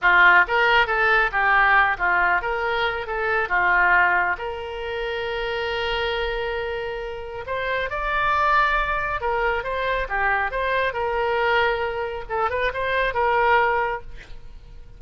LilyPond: \new Staff \with { instrumentName = "oboe" } { \time 4/4 \tempo 4 = 137 f'4 ais'4 a'4 g'4~ | g'8 f'4 ais'4. a'4 | f'2 ais'2~ | ais'1~ |
ais'4 c''4 d''2~ | d''4 ais'4 c''4 g'4 | c''4 ais'2. | a'8 b'8 c''4 ais'2 | }